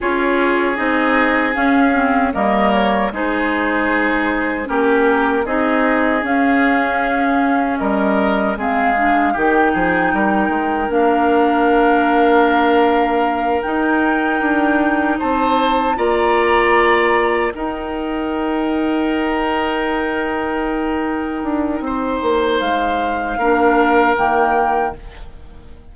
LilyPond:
<<
  \new Staff \with { instrumentName = "flute" } { \time 4/4 \tempo 4 = 77 cis''4 dis''4 f''4 dis''8 cis''8 | c''2 ais'4 dis''4 | f''2 dis''4 f''4 | g''2 f''2~ |
f''4. g''2 a''8~ | a''8 ais''2 g''4.~ | g''1~ | g''4 f''2 g''4 | }
  \new Staff \with { instrumentName = "oboe" } { \time 4/4 gis'2. ais'4 | gis'2 g'4 gis'4~ | gis'2 ais'4 gis'4 | g'8 gis'8 ais'2.~ |
ais'2.~ ais'8 c''8~ | c''8 d''2 ais'4.~ | ais'1 | c''2 ais'2 | }
  \new Staff \with { instrumentName = "clarinet" } { \time 4/4 f'4 dis'4 cis'8 c'8 ais4 | dis'2 cis'4 dis'4 | cis'2. c'8 d'8 | dis'2 d'2~ |
d'4. dis'2~ dis'8~ | dis'8 f'2 dis'4.~ | dis'1~ | dis'2 d'4 ais4 | }
  \new Staff \with { instrumentName = "bassoon" } { \time 4/4 cis'4 c'4 cis'4 g4 | gis2 ais4 c'4 | cis'2 g4 gis4 | dis8 f8 g8 gis8 ais2~ |
ais4. dis'4 d'4 c'8~ | c'8 ais2 dis'4.~ | dis'2.~ dis'8 d'8 | c'8 ais8 gis4 ais4 dis4 | }
>>